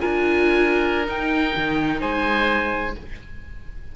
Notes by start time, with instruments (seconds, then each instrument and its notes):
0.00 cello D4, viola F4, oboe A#4 G#5
1.05 viola D#4, cello D#4, oboe G5
1.57 cello D#3
2.01 cello G#3, oboe C5 G#5